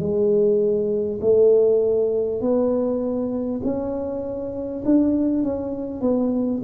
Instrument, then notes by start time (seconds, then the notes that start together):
tuba
0.00 G#3
1.21 A3
2.42 B3
3.64 C#4
4.85 D4
5.44 C#4
6.02 B3